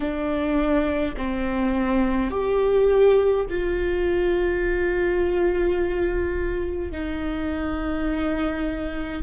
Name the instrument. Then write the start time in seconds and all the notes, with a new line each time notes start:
viola
0.00 D4
1.16 C4
2.30 G4
3.49 F4
6.91 D#4